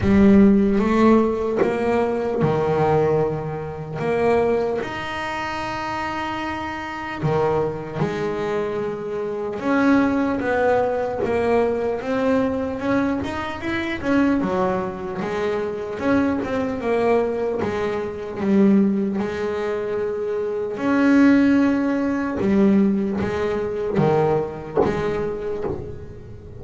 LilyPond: \new Staff \with { instrumentName = "double bass" } { \time 4/4 \tempo 4 = 75 g4 a4 ais4 dis4~ | dis4 ais4 dis'2~ | dis'4 dis4 gis2 | cis'4 b4 ais4 c'4 |
cis'8 dis'8 e'8 cis'8 fis4 gis4 | cis'8 c'8 ais4 gis4 g4 | gis2 cis'2 | g4 gis4 dis4 gis4 | }